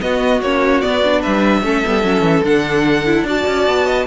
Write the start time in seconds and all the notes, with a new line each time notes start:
0.00 B3 F#4 D#5
0.41 A#3 C#4 C#5
0.81 B3 D5
1.04 D4
1.21 G3 B4 E5
1.63 A3 C#4 A4
1.85 G3 B3
2.02 F#3 C#4
2.21 E3
2.43 D3 D4 F#5
3.06 E4
3.23 D4 F#4 D5
3.29 A5
3.47 C#4
3.67 B3
3.86 D#5